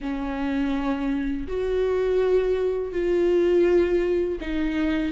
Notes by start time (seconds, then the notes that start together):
0.00 C#4
1.47 F#4
2.92 F4
4.40 D#4